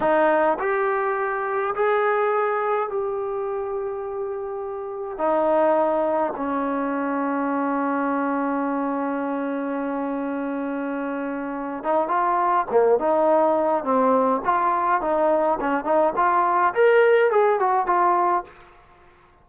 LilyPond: \new Staff \with { instrumentName = "trombone" } { \time 4/4 \tempo 4 = 104 dis'4 g'2 gis'4~ | gis'4 g'2.~ | g'4 dis'2 cis'4~ | cis'1~ |
cis'1~ | cis'8 dis'8 f'4 ais8 dis'4. | c'4 f'4 dis'4 cis'8 dis'8 | f'4 ais'4 gis'8 fis'8 f'4 | }